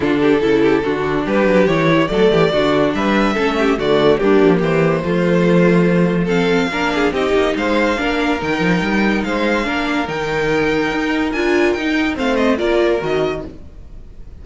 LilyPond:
<<
  \new Staff \with { instrumentName = "violin" } { \time 4/4 \tempo 4 = 143 a'2. b'4 | cis''4 d''2 e''4~ | e''4 d''4 g'4 c''4~ | c''2. f''4~ |
f''4 dis''4 f''2 | g''2 f''2 | g''2. gis''4 | g''4 f''8 dis''8 d''4 dis''4 | }
  \new Staff \with { instrumentName = "violin" } { \time 4/4 f'8 g'8 a'8 g'8 fis'4 g'4~ | g'4 a'8 g'8 fis'4 b'4 | a'8 g'8 fis'4 d'4 g'4 | f'2. a'4 |
ais'8 gis'8 g'4 c''4 ais'4~ | ais'2 c''4 ais'4~ | ais'1~ | ais'4 c''4 ais'2 | }
  \new Staff \with { instrumentName = "viola" } { \time 4/4 d'4 e'4 d'2 | e'4 a4 d'2 | cis'4 a4 ais2 | a2. c'4 |
d'4 dis'2 d'4 | dis'2. d'4 | dis'2. f'4 | dis'4 c'4 f'4 fis'4 | }
  \new Staff \with { instrumentName = "cello" } { \time 4/4 d4 cis4 d4 g8 fis8 | e4 fis8 e8 d4 g4 | a4 d4 g8 f8 e4 | f1 |
ais4 c'8 ais8 gis4 ais4 | dis8 f8 g4 gis4 ais4 | dis2 dis'4 d'4 | dis'4 a4 ais4 dis4 | }
>>